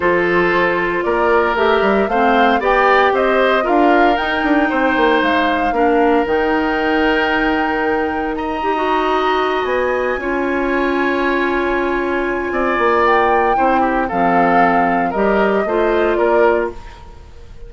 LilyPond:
<<
  \new Staff \with { instrumentName = "flute" } { \time 4/4 \tempo 4 = 115 c''2 d''4 e''4 | f''4 g''4 dis''4 f''4 | g''2 f''2 | g''1 |
ais''2~ ais''8 gis''4.~ | gis''1~ | gis''4 g''2 f''4~ | f''4 dis''2 d''4 | }
  \new Staff \with { instrumentName = "oboe" } { \time 4/4 a'2 ais'2 | c''4 d''4 c''4 ais'4~ | ais'4 c''2 ais'4~ | ais'1 |
dis''2.~ dis''8 cis''8~ | cis''1 | d''2 c''8 g'8 a'4~ | a'4 ais'4 c''4 ais'4 | }
  \new Staff \with { instrumentName = "clarinet" } { \time 4/4 f'2. g'4 | c'4 g'2 f'4 | dis'2. d'4 | dis'1~ |
dis'8 g'16 fis'2~ fis'8. f'8~ | f'1~ | f'2 e'4 c'4~ | c'4 g'4 f'2 | }
  \new Staff \with { instrumentName = "bassoon" } { \time 4/4 f2 ais4 a8 g8 | a4 b4 c'4 d'4 | dis'8 d'8 c'8 ais8 gis4 ais4 | dis1~ |
dis8 dis'2 b4 cis'8~ | cis'1 | c'8 ais4. c'4 f4~ | f4 g4 a4 ais4 | }
>>